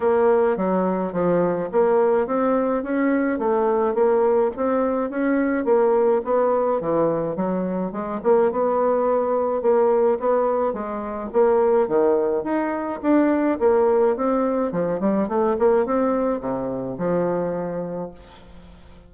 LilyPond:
\new Staff \with { instrumentName = "bassoon" } { \time 4/4 \tempo 4 = 106 ais4 fis4 f4 ais4 | c'4 cis'4 a4 ais4 | c'4 cis'4 ais4 b4 | e4 fis4 gis8 ais8 b4~ |
b4 ais4 b4 gis4 | ais4 dis4 dis'4 d'4 | ais4 c'4 f8 g8 a8 ais8 | c'4 c4 f2 | }